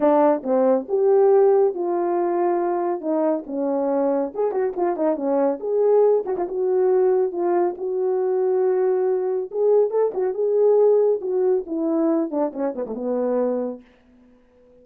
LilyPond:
\new Staff \with { instrumentName = "horn" } { \time 4/4 \tempo 4 = 139 d'4 c'4 g'2 | f'2. dis'4 | cis'2 gis'8 fis'8 f'8 dis'8 | cis'4 gis'4. fis'16 f'16 fis'4~ |
fis'4 f'4 fis'2~ | fis'2 gis'4 a'8 fis'8 | gis'2 fis'4 e'4~ | e'8 d'8 cis'8 b16 a16 b2 | }